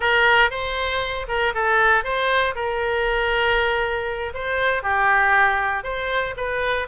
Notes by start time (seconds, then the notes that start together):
0.00 A#4
0.50 C5
1.27 A#4
1.54 A4
2.03 C5
2.55 A#4
4.33 C5
4.82 G4
5.83 C5
6.36 B4